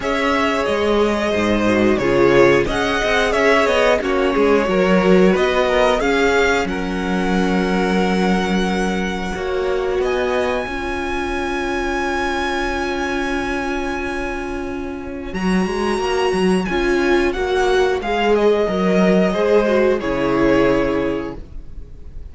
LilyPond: <<
  \new Staff \with { instrumentName = "violin" } { \time 4/4 \tempo 4 = 90 e''4 dis''2 cis''4 | fis''4 e''8 dis''8 cis''2 | dis''4 f''4 fis''2~ | fis''2. gis''4~ |
gis''1~ | gis''2. ais''4~ | ais''4 gis''4 fis''4 f''8 dis''8~ | dis''2 cis''2 | }
  \new Staff \with { instrumentName = "violin" } { \time 4/4 cis''2 c''4 gis'4 | dis''4 cis''4 fis'8 gis'8 ais'4 | b'8 ais'8 gis'4 ais'2~ | ais'2 cis''4 dis''4 |
cis''1~ | cis''1~ | cis''1~ | cis''4 c''4 gis'2 | }
  \new Staff \with { instrumentName = "viola" } { \time 4/4 gis'2~ gis'8 fis'8 f'4 | gis'2 cis'4 fis'4~ | fis'4 cis'2.~ | cis'2 fis'2 |
f'1~ | f'2. fis'4~ | fis'4 f'4 fis'4 gis'4 | ais'4 gis'8 fis'8 e'2 | }
  \new Staff \with { instrumentName = "cello" } { \time 4/4 cis'4 gis4 gis,4 cis4 | cis'8 c'8 cis'8 b8 ais8 gis8 fis4 | b4 cis'4 fis2~ | fis2 ais4 b4 |
cis'1~ | cis'2. fis8 gis8 | ais8 fis8 cis'4 ais4 gis4 | fis4 gis4 cis2 | }
>>